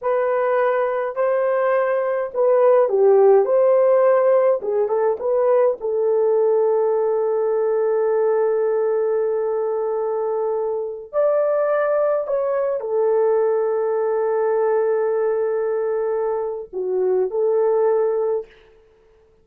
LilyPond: \new Staff \with { instrumentName = "horn" } { \time 4/4 \tempo 4 = 104 b'2 c''2 | b'4 g'4 c''2 | gis'8 a'8 b'4 a'2~ | a'1~ |
a'2.~ a'16 d''8.~ | d''4~ d''16 cis''4 a'4.~ a'16~ | a'1~ | a'4 fis'4 a'2 | }